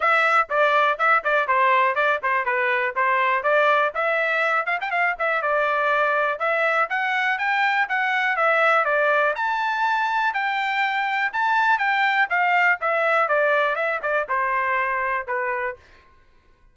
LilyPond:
\new Staff \with { instrumentName = "trumpet" } { \time 4/4 \tempo 4 = 122 e''4 d''4 e''8 d''8 c''4 | d''8 c''8 b'4 c''4 d''4 | e''4. f''16 g''16 f''8 e''8 d''4~ | d''4 e''4 fis''4 g''4 |
fis''4 e''4 d''4 a''4~ | a''4 g''2 a''4 | g''4 f''4 e''4 d''4 | e''8 d''8 c''2 b'4 | }